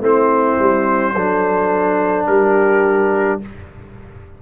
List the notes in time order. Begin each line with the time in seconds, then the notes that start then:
0.00 A3 C4 E4 C5
0.59 G3
1.14 F#3 D4 A4
2.26 G3 G4 A#4